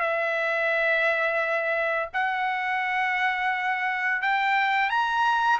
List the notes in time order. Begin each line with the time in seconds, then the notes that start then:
0.00 E5
2.13 F#5
4.21 G5
4.89 A#5